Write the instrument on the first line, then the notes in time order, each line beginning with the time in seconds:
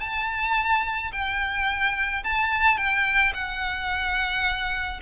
violin
0.00 A5
1.12 G5
2.23 A5
2.77 G5
3.34 F#5